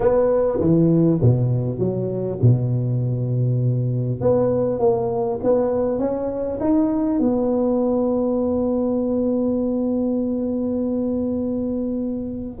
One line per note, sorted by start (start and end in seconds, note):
0.00 0.59 B3
0.60 1.20 E3
1.21 1.78 B2
1.78 2.38 F#3
2.41 4.20 B2
4.20 4.79 B3
4.79 5.39 A#3
5.43 5.98 B3
5.98 6.58 C#4
6.60 7.19 D#4
7.19 12.59 B3